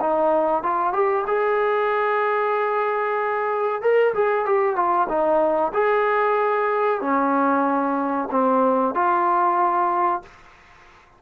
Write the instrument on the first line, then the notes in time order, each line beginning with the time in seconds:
trombone
0.00 D#4
0.62 F4
0.93 G4
1.27 G#4
3.81 A#4
4.14 G#4
4.45 G4
4.75 F4
5.08 D#4
5.73 G#4
7.00 C#4
8.30 C4
8.94 F4